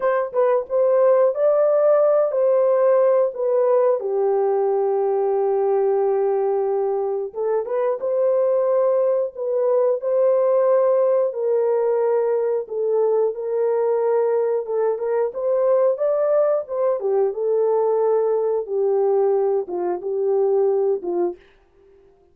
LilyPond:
\new Staff \with { instrumentName = "horn" } { \time 4/4 \tempo 4 = 90 c''8 b'8 c''4 d''4. c''8~ | c''4 b'4 g'2~ | g'2. a'8 b'8 | c''2 b'4 c''4~ |
c''4 ais'2 a'4 | ais'2 a'8 ais'8 c''4 | d''4 c''8 g'8 a'2 | g'4. f'8 g'4. f'8 | }